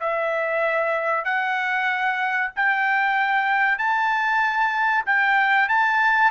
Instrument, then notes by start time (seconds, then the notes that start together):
trumpet
0.00 E5
1.24 F#5
2.56 G5
3.78 A5
5.06 G5
5.68 A5